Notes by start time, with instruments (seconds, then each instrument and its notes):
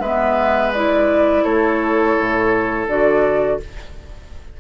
0.00 bassoon G#3, clarinet B3, oboe B4, flute E5
0.73 clarinet E4, flute D5
1.44 bassoon A3, oboe A4, flute C#5
2.20 bassoon A2
2.88 bassoon D3, clarinet F#4, flute D5